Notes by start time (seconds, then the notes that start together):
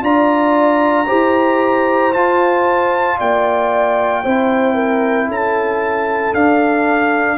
0.00 D4 F4 D5 A#5
1.07 E4 G4 C5
2.13 F4 A5
3.18 A#3 D5 G5
4.23 C4 E4 C5
4.74 A#4
5.28 C#4 A4 A5
6.33 D4 F5